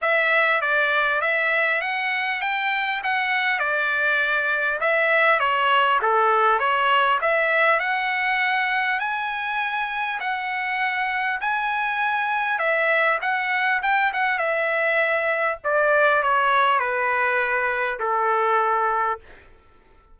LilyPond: \new Staff \with { instrumentName = "trumpet" } { \time 4/4 \tempo 4 = 100 e''4 d''4 e''4 fis''4 | g''4 fis''4 d''2 | e''4 cis''4 a'4 cis''4 | e''4 fis''2 gis''4~ |
gis''4 fis''2 gis''4~ | gis''4 e''4 fis''4 g''8 fis''8 | e''2 d''4 cis''4 | b'2 a'2 | }